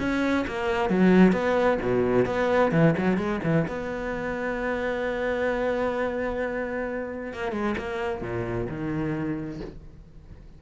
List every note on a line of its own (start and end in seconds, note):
0.00 0.46 C#4
0.48 0.90 A#3
0.90 1.33 F#3
1.33 1.79 B3
1.82 2.26 B2
2.26 2.72 B3
2.72 2.95 E3
2.98 3.18 F#3
3.18 3.41 G#3
3.44 3.67 E3
3.68 7.34 B3
7.34 7.53 A#3
7.53 7.76 G#3
7.78 8.22 A#3
8.22 8.68 A#2
8.69 9.61 D#3